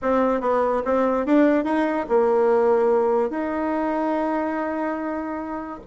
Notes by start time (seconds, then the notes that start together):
0.02 C4
0.41 B3
0.84 C4
1.25 D4
1.64 D#4
2.09 A#3
3.29 D#4